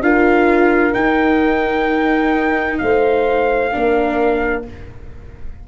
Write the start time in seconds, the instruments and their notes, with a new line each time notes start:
0.00 tuba D4, viola F4, horn A#4, trumpet F5
0.93 viola D#4, tuba D#4, trumpet G5
2.78 tuba A3, horn C5, trumpet F5
3.71 tuba A#3, viola D4, horn A#4